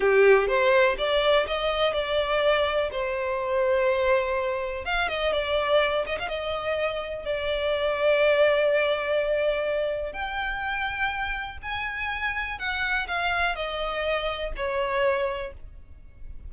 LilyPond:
\new Staff \with { instrumentName = "violin" } { \time 4/4 \tempo 4 = 124 g'4 c''4 d''4 dis''4 | d''2 c''2~ | c''2 f''8 dis''8 d''4~ | d''8 dis''16 f''16 dis''2 d''4~ |
d''1~ | d''4 g''2. | gis''2 fis''4 f''4 | dis''2 cis''2 | }